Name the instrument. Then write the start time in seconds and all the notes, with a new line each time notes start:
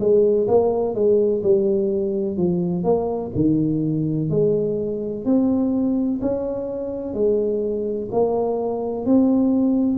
tuba
0.00 G#3
0.48 A#3
0.95 G#3
1.43 G3
2.37 F3
2.84 A#3
3.35 D#3
4.30 G#3
5.25 C4
6.22 C#4
7.14 G#3
8.12 A#3
9.05 C4